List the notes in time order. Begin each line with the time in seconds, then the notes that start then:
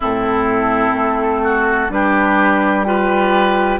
0.00 A2 C4 E4 A4
0.93 A3
1.43 F#4
1.89 G3 D4 G4 B4
2.83 F4 G4 B4